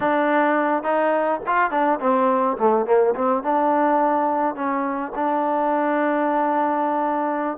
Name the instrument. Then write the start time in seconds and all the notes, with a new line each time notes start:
trombone
0.00 D4
0.83 D#4
1.46 F4
1.70 D4
1.99 C4
2.57 A3
2.86 A#3
3.15 C4
3.43 D4
4.55 C#4
5.15 D4